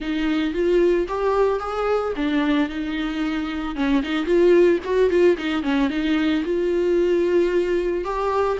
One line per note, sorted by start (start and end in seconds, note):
0.00 0.53 D#4
0.53 1.07 F4
1.07 1.59 G4
1.59 2.13 G#4
2.16 2.69 D4
2.69 3.75 D#4
3.75 4.02 C#4
4.03 4.25 D#4
4.25 4.79 F4
4.84 5.10 F#4
5.10 5.36 F4
5.37 5.62 D#4
5.62 5.89 C#4
5.89 6.43 D#4
6.44 8.04 F4
8.04 8.58 G4